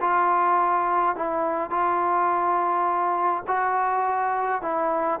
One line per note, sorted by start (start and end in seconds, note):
0.00 1.15 F4
1.15 1.70 E4
1.70 3.43 F4
3.47 4.62 F#4
4.62 5.19 E4